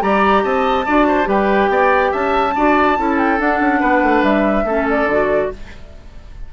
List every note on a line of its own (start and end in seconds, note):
0.00 0.44 G3
0.00 0.85 G4
0.00 0.44 D5
0.00 0.44 A#5
0.44 0.86 C4
0.44 0.86 D#5
0.44 1.29 A5
0.86 1.27 D4
0.86 1.25 F#4
0.86 1.07 D5
1.08 1.29 C5
1.25 1.69 G3
1.25 2.51 G4
1.25 1.71 B4
1.25 2.13 G5
1.69 2.11 B3
1.69 2.12 D5
2.12 2.56 C#4
2.12 2.54 E5
2.12 3.18 A5
2.56 2.98 D4
2.56 2.97 F#4
2.56 2.98 D5
2.97 3.40 C#4
2.97 3.38 E4
2.97 3.80 A4
3.18 3.39 G5
3.38 4.65 D4
3.38 3.60 D4
3.38 4.24 F#5
3.60 3.82 C#4
3.80 4.03 B3
3.80 4.65 B4
4.03 4.23 A3
4.23 4.64 G3
4.23 4.87 E5
4.64 5.05 A3
4.64 5.10 C#4
4.64 5.50 A4
4.90 5.53 D5
5.05 5.47 D3
5.05 5.53 F#4